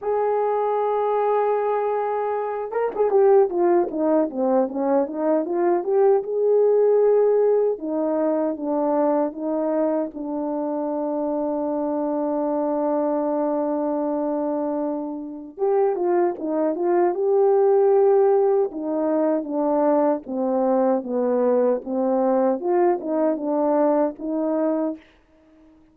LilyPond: \new Staff \with { instrumentName = "horn" } { \time 4/4 \tempo 4 = 77 gis'2.~ gis'8 ais'16 gis'16 | g'8 f'8 dis'8 c'8 cis'8 dis'8 f'8 g'8 | gis'2 dis'4 d'4 | dis'4 d'2.~ |
d'1 | g'8 f'8 dis'8 f'8 g'2 | dis'4 d'4 c'4 b4 | c'4 f'8 dis'8 d'4 dis'4 | }